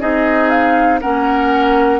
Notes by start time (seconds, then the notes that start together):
0.00 C4 D#4 G#4 D#5
0.49 F5
1.00 A#3 C#4 A#4 F#5